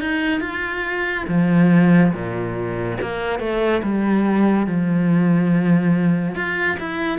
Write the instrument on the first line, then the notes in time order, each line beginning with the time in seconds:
cello
0.00 D#4
0.40 F4
1.27 F3
2.12 A#2
3.01 A#3
3.39 A3
3.83 G3
4.66 F3
6.35 F4
6.79 E4